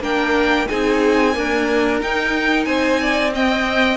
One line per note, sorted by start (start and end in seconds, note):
0.00 0.66 A#3
0.00 0.68 D4
0.00 0.68 A#4
0.00 0.68 G5
0.68 1.37 C4
0.68 1.34 D#4
0.68 1.35 G#4
0.68 2.00 G#5
1.34 2.00 A#3
1.34 2.02 D4
1.34 2.67 A#4
2.00 3.32 D#4
2.00 2.66 D#4
2.00 2.65 G5
2.65 3.97 C4
2.65 3.00 C5
2.65 3.30 G#5
3.01 3.34 D5
3.34 3.97 C4
3.34 3.97 D#5
3.34 3.97 G5